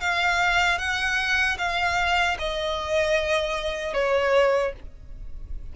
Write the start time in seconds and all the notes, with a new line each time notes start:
0.00 F5
0.78 F#5
1.58 F5
2.39 D#5
3.93 C#5